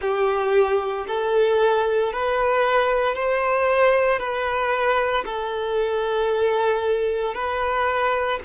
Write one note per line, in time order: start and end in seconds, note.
0.01 1.06 G4
1.07 2.12 A4
2.12 3.15 B4
3.15 4.19 C5
4.19 5.24 B4
5.25 7.34 A4
7.34 8.39 B4